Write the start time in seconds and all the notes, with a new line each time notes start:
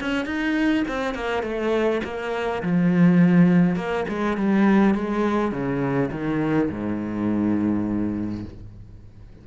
0.00 C#4
0.25 D#4
0.87 C4
1.14 A#3
1.42 A3
2.04 A#3
2.62 F3
3.75 A#3
4.08 G#3
4.37 G3
4.94 G#3
5.51 C#3
6.11 D#3
6.70 G#2